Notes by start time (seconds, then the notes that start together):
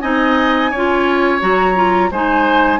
0.00 C4 D#4 D#5 G#5
0.70 C#4 F4 C#5
1.40 F#3 F#4 A#5
1.75 F4
2.10 G#3 D#4 C5 G#5